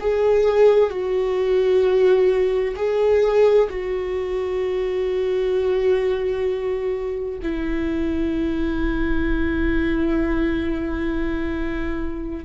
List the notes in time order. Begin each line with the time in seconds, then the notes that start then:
0.00 G#4
0.90 F#4
2.76 G#4
3.70 F#4
7.42 E4